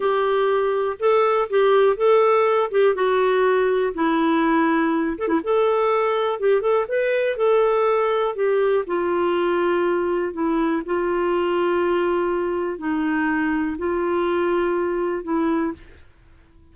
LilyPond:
\new Staff \with { instrumentName = "clarinet" } { \time 4/4 \tempo 4 = 122 g'2 a'4 g'4 | a'4. g'8 fis'2 | e'2~ e'8 a'16 e'16 a'4~ | a'4 g'8 a'8 b'4 a'4~ |
a'4 g'4 f'2~ | f'4 e'4 f'2~ | f'2 dis'2 | f'2. e'4 | }